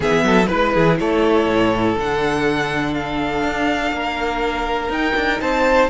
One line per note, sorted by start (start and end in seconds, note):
0.00 0.23 E3
0.00 0.46 B3
0.00 0.24 G#4
0.00 0.46 E5
0.23 0.47 F#3
0.23 0.48 A4
0.46 0.76 G#3
0.46 1.96 E4
0.46 0.96 B4
0.46 0.72 B4
0.73 1.00 E3
0.73 0.98 G#4
0.99 1.46 A3
0.99 3.94 A4
0.99 1.98 C#5
1.46 1.95 A2
1.97 3.42 D3
1.97 4.92 D4
1.97 2.94 F#5
2.94 4.90 F5
3.42 3.91 D4
3.91 4.89 A#3
3.91 5.41 A#4
4.89 5.13 D#4
4.89 5.90 D#4
4.89 5.41 G5
5.15 5.40 D4
5.40 5.90 C4
5.40 5.90 C5
5.40 5.90 A5